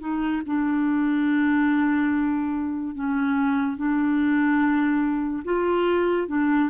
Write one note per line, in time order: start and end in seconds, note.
0.00 0.42 D#4
0.46 2.94 D4
2.94 3.77 C#4
3.77 5.43 D4
5.44 6.28 F4
6.28 6.69 D4